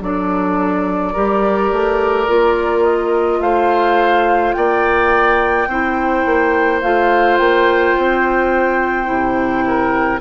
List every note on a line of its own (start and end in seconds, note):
0.00 1.13 F#3
0.00 1.14 D4
0.00 1.12 A4
0.00 2.83 D5
1.12 1.71 G3
1.12 2.27 G4
1.12 3.38 A#4
1.71 2.28 A3
2.27 3.40 A#3
2.27 5.67 F4
2.83 3.40 D#5
3.40 4.53 A3
3.40 4.55 C5
3.40 4.53 F5
4.53 5.67 A#3
4.53 5.68 D5
4.53 6.79 G5
5.67 6.24 C4
5.67 6.82 E4
5.67 9.64 C5
6.25 6.82 A#3
6.81 7.39 A3
6.81 9.04 F4
6.81 7.37 F5
7.37 7.95 A#3
7.37 10.20 G5
7.97 9.09 C4
9.04 10.20 C3
9.04 10.18 E4
9.67 10.20 A#4